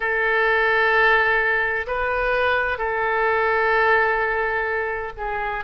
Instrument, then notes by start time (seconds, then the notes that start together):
oboe
0.00 A4
1.86 B4
2.78 A4
5.17 G#4